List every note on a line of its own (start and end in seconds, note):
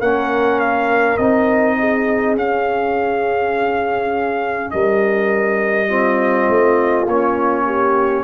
0.00 1.18 A#3
0.00 1.19 C#4
0.00 1.76 A#4
0.00 0.59 F#5
0.59 1.17 F5
1.17 2.36 C4
1.17 2.37 D#4
1.17 2.35 D#5
1.78 4.72 G#4
2.36 4.72 C#4
2.36 5.88 C#4
2.36 4.70 F5
4.70 6.48 G3
4.70 5.88 A#4
4.70 7.06 D#5
5.88 7.06 C4
5.88 7.65 F4
6.48 7.06 A3
7.06 8.23 A#3
7.06 8.23 C#4
7.06 8.23 C#5
7.65 8.23 G4